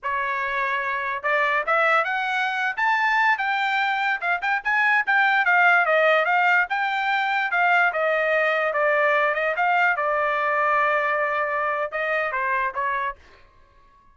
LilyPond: \new Staff \with { instrumentName = "trumpet" } { \time 4/4 \tempo 4 = 146 cis''2. d''4 | e''4 fis''4.~ fis''16 a''4~ a''16~ | a''16 g''2 f''8 g''8 gis''8.~ | gis''16 g''4 f''4 dis''4 f''8.~ |
f''16 g''2 f''4 dis''8.~ | dis''4~ dis''16 d''4. dis''8 f''8.~ | f''16 d''2.~ d''8.~ | d''4 dis''4 c''4 cis''4 | }